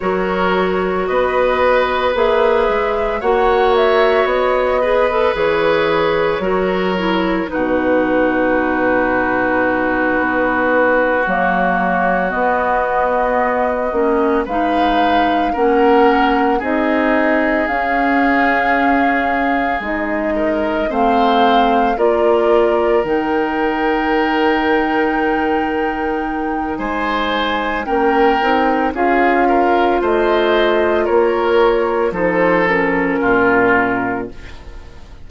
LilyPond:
<<
  \new Staff \with { instrumentName = "flute" } { \time 4/4 \tempo 4 = 56 cis''4 dis''4 e''4 fis''8 e''8 | dis''4 cis''2 b'4~ | b'2~ b'8 cis''4 dis''8~ | dis''4. f''4 fis''4 dis''8~ |
dis''8 f''2 dis''4 f''8~ | f''8 d''4 g''2~ g''8~ | g''4 gis''4 g''4 f''4 | dis''4 cis''4 c''8 ais'4. | }
  \new Staff \with { instrumentName = "oboe" } { \time 4/4 ais'4 b'2 cis''4~ | cis''8 b'4. ais'4 fis'4~ | fis'1~ | fis'4. b'4 ais'4 gis'8~ |
gis'2. ais'8 c''8~ | c''8 ais'2.~ ais'8~ | ais'4 c''4 ais'4 gis'8 ais'8 | c''4 ais'4 a'4 f'4 | }
  \new Staff \with { instrumentName = "clarinet" } { \time 4/4 fis'2 gis'4 fis'4~ | fis'8 gis'16 a'16 gis'4 fis'8 e'8 dis'4~ | dis'2~ dis'8 ais4 b8~ | b4 cis'8 dis'4 cis'4 dis'8~ |
dis'8 cis'2 dis'4 c'8~ | c'8 f'4 dis'2~ dis'8~ | dis'2 cis'8 dis'8 f'4~ | f'2 dis'8 cis'4. | }
  \new Staff \with { instrumentName = "bassoon" } { \time 4/4 fis4 b4 ais8 gis8 ais4 | b4 e4 fis4 b,4~ | b,4. b4 fis4 b8~ | b4 ais8 gis4 ais4 c'8~ |
c'8 cis'2 gis4 a8~ | a8 ais4 dis2~ dis8~ | dis4 gis4 ais8 c'8 cis'4 | a4 ais4 f4 ais,4 | }
>>